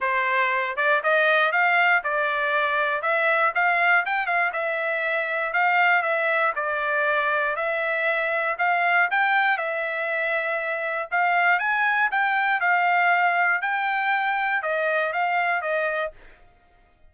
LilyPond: \new Staff \with { instrumentName = "trumpet" } { \time 4/4 \tempo 4 = 119 c''4. d''8 dis''4 f''4 | d''2 e''4 f''4 | g''8 f''8 e''2 f''4 | e''4 d''2 e''4~ |
e''4 f''4 g''4 e''4~ | e''2 f''4 gis''4 | g''4 f''2 g''4~ | g''4 dis''4 f''4 dis''4 | }